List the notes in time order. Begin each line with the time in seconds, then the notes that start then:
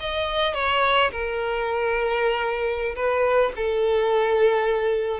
0.00 D#5
0.54 C#5
1.11 A#4
2.95 B4
3.56 A4